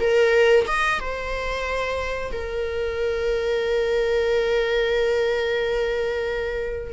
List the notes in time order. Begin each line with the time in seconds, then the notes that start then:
0.00 A#4
0.67 D#5
1.00 C5
2.32 A#4